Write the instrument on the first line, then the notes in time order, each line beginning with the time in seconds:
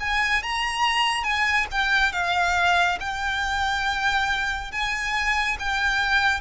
violin
0.00 G#5
0.43 A#5
1.24 G#5
1.71 G5
2.13 F5
3.00 G5
4.71 G#5
5.59 G5